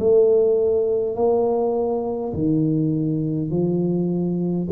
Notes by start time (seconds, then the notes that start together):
0.00 A3
1.16 A#3
2.34 D#3
3.51 F3